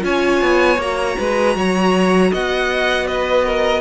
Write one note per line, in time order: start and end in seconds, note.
0.00 0.41 C#4
0.00 0.76 F4
0.00 1.18 C#5
0.00 0.80 G#5
0.41 0.77 B3
0.77 1.15 A#3
0.77 3.81 F#4
0.77 2.33 A#5
1.18 1.56 G#3
1.18 1.56 B4
1.56 2.32 F#3
1.56 2.31 C#5
2.31 3.81 B3
2.31 3.06 D#5
2.31 3.07 F#5
3.06 3.44 B4
3.06 3.81 D#5
3.44 3.81 A#4